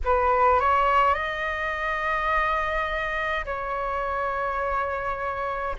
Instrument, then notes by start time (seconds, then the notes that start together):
flute
0.04 B4
0.60 C#5
1.14 D#5
3.45 C#5